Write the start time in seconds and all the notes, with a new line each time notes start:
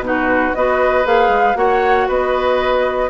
0.00 B2 D#4
0.06 F#4 B4
0.55 B3 F#4 B4 D#5
1.05 A#3 G#4 F5
1.29 G#3
1.56 A#3 F#4 C#5 F#5
2.08 B3 B4 D#5